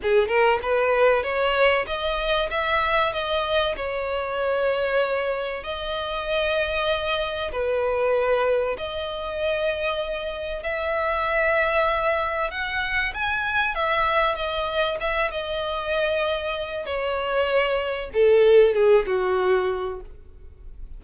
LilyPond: \new Staff \with { instrumentName = "violin" } { \time 4/4 \tempo 4 = 96 gis'8 ais'8 b'4 cis''4 dis''4 | e''4 dis''4 cis''2~ | cis''4 dis''2. | b'2 dis''2~ |
dis''4 e''2. | fis''4 gis''4 e''4 dis''4 | e''8 dis''2~ dis''8 cis''4~ | cis''4 a'4 gis'8 fis'4. | }